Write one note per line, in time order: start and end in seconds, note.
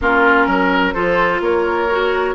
0.01 0.46 A#3
0.01 0.94 C#4
0.01 0.46 F4
0.01 0.93 A#4
0.46 0.94 F#3
0.46 0.94 A#4
0.93 1.40 F3
0.93 1.88 F4
0.93 1.41 A4
0.93 1.40 C5
1.40 2.34 A#3
1.40 2.34 A#4
1.40 2.34 C#5
1.90 2.34 F#4